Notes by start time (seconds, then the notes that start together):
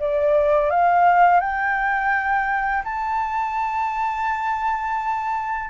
0.00 D5
0.71 F5
1.41 G5
2.85 A5